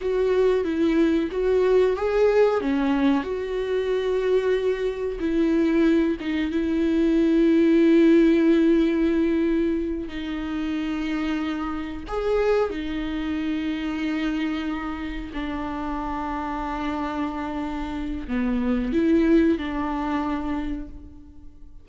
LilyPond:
\new Staff \with { instrumentName = "viola" } { \time 4/4 \tempo 4 = 92 fis'4 e'4 fis'4 gis'4 | cis'4 fis'2. | e'4. dis'8 e'2~ | e'2.~ e'8 dis'8~ |
dis'2~ dis'8 gis'4 dis'8~ | dis'2.~ dis'8 d'8~ | d'1 | b4 e'4 d'2 | }